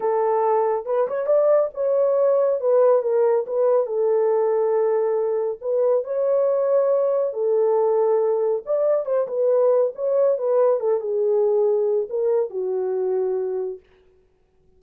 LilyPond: \new Staff \with { instrumentName = "horn" } { \time 4/4 \tempo 4 = 139 a'2 b'8 cis''8 d''4 | cis''2 b'4 ais'4 | b'4 a'2.~ | a'4 b'4 cis''2~ |
cis''4 a'2. | d''4 c''8 b'4. cis''4 | b'4 a'8 gis'2~ gis'8 | ais'4 fis'2. | }